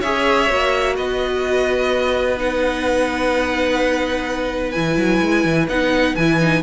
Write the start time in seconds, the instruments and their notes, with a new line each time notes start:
0.00 cello C#4, viola G#4, violin C#5 E5
0.48 cello A#3, viola F#4
0.95 cello B3, violin B4 D#5
2.37 viola D#4, violin F#5
4.71 cello E3, viola E4, violin G#5
4.97 cello F#3
5.21 cello G#3
5.45 cello E3
5.68 cello B3, viola D#4, violin F#5
6.15 cello E3, viola E4, violin G#5
6.40 viola D#4